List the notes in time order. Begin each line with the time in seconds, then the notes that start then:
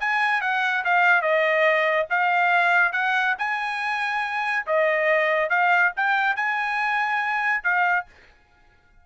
0.00 G#5
0.41 F#5
0.84 F5
1.21 D#5
2.10 F5
2.92 F#5
3.38 G#5
4.66 D#5
5.50 F5
5.96 G5
6.36 G#5
7.63 F5